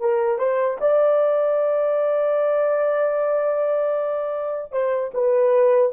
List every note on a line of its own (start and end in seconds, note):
0.00 0.38 A#4
0.38 0.78 C5
0.80 4.72 D5
4.72 5.11 C5
5.14 5.92 B4